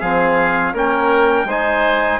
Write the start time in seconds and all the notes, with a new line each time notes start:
0.00 F3 C4 G#4 F5
0.74 A#3 C#4 A#4 G5
1.45 G#3 D#4 C5 G#5